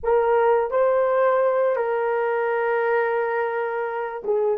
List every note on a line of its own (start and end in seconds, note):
0.03 0.71 A#4
0.71 1.76 C5
1.76 4.23 A#4
4.24 4.58 G#4